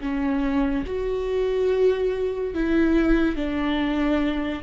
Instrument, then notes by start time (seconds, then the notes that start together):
viola
0.00 C#4
0.86 F#4
2.54 E4
3.35 D4